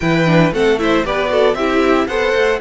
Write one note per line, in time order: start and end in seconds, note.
0.00 0.52 E3
0.00 0.25 E4
0.00 0.53 B4
0.00 0.52 G5
0.25 0.52 D4
0.52 1.04 A3
0.52 0.78 C4
0.52 0.79 A4
0.52 0.78 F#5
0.78 1.04 E4
0.78 1.06 C5
0.78 1.04 E5
1.04 1.54 B3
1.04 1.28 G4
1.04 1.30 B4
1.04 1.55 D5
1.28 1.54 F#4
1.28 1.56 A4
1.54 2.06 C4
1.54 2.09 E4
1.54 2.07 G4
1.54 2.07 E5
2.07 2.34 B3
2.07 2.60 A4
2.07 2.60 C5
2.07 2.59 F#5
2.34 2.60 A3